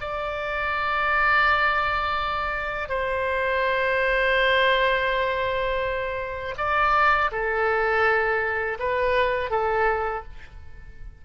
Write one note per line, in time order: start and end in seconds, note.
0.00 2.89 D5
2.89 6.55 C5
6.58 7.31 D5
7.32 8.78 A4
8.79 9.50 B4
9.50 10.23 A4